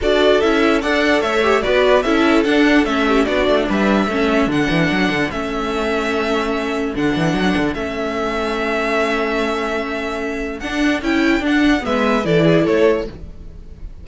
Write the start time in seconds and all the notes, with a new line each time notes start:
0.01 D4 F#4 A4 D5
0.40 C#4 E4 E5
0.81 D4 A4 D5 F#5
1.20 A3 C#5 E5
1.43 G4
1.61 B3 F#4 B4 D5
2.02 C#4 E4 A4 E5
2.44 D4 F#5
2.84 A3 C#4 E5
3.07 G4
3.25 B3 D4 F#4 D5
3.47 A3
3.69 G3 B4 E5
4.07 A3 C#4 A4
4.47 D3 D4 F#5
4.70 E3
4.91 F#3
5.09 D3
5.31 A3 C#4 E5
6.95 D3 D4 F#5
7.16 E3
7.34 F#3
7.56 D3
7.74 A3 C#4 E5
10.59 D4 F#5
11.01 C#4 E4 G5
11.40 D4
11.46 F#5
11.80 G#3 B3 B4 E5
12.24 E3 E4 A4 D5
12.45 G#4
12.64 A3 A4 C#5